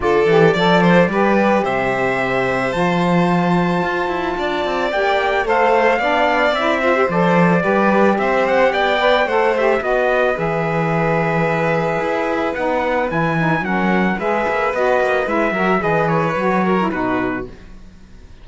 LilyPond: <<
  \new Staff \with { instrumentName = "trumpet" } { \time 4/4 \tempo 4 = 110 d''2. e''4~ | e''4 a''2.~ | a''4 g''4 f''2 | e''4 d''2 e''8 fis''8 |
g''4 fis''8 e''8 dis''4 e''4~ | e''2. fis''4 | gis''4 fis''4 e''4 dis''4 | e''4 dis''8 cis''4. b'4 | }
  \new Staff \with { instrumentName = "violin" } { \time 4/4 a'4 d''8 c''8 b'4 c''4~ | c''1 | d''2 c''4 d''4~ | d''8 c''4. b'4 c''4 |
d''4 c''4 b'2~ | b'1~ | b'4 ais'4 b'2~ | b'8 ais'8 b'4. ais'8 fis'4 | }
  \new Staff \with { instrumentName = "saxophone" } { \time 4/4 f'8 g'8 a'4 g'2~ | g'4 f'2.~ | f'4 g'4 a'4 d'4 | e'8 f'16 g'16 a'4 g'2~ |
g'8 b'8 a'8 g'8 fis'4 gis'4~ | gis'2. dis'4 | e'8 dis'8 cis'4 gis'4 fis'4 | e'8 fis'8 gis'4 fis'8. e'16 dis'4 | }
  \new Staff \with { instrumentName = "cello" } { \time 4/4 d8 e8 f4 g4 c4~ | c4 f2 f'8 e'8 | d'8 c'8 ais4 a4 b4 | c'4 f4 g4 c'4 |
b4 a4 b4 e4~ | e2 e'4 b4 | e4 fis4 gis8 ais8 b8 ais8 | gis8 fis8 e4 fis4 b,4 | }
>>